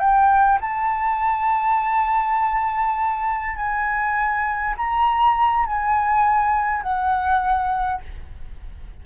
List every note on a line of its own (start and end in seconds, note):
0.00 0.59 G5
0.61 3.56 A5
3.56 4.75 G#5
4.78 5.67 A#5
5.67 6.83 G#5
6.83 8.02 F#5